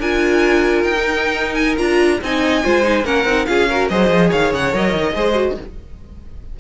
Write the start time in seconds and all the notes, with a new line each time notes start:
0.00 D4 F4 A#4 G#5
0.84 D#4 G5
0.98 D#4
1.55 G#5
1.78 D4 F4 A#5
2.22 C4 D#4 D#5 G#5
2.65 G#3 F4 C5
2.83 D#4
3.05 A#3 C#4 A#4 F#5
3.25 C4 D#4
3.46 C#4 F4 G#4 F5
3.70 F#4 A#4
3.89 F#3 G#4 C5 D#5
4.10 F3
4.30 D#3 C#5 F5
4.54 C#3 F#5
4.72 F#3 A#4 D#5
4.94 D#3
5.15 G#3 G#4 C5
5.35 F#4